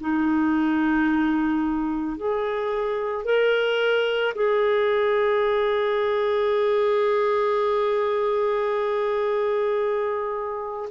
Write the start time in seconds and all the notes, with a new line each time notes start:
0.00 D#4
2.17 G#4
3.24 A#4
4.35 G#4